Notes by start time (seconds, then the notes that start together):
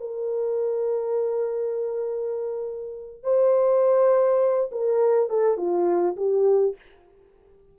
0.00 A#4
3.23 C5
4.72 A#4
5.30 A4
5.57 F4
6.17 G4